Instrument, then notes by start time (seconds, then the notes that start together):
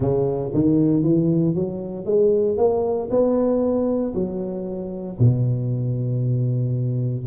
tuba
0.00 C#3
0.53 D#3
1.03 E3
1.55 F#3
2.05 G#3
2.57 A#3
3.10 B3
4.14 F#3
5.19 B2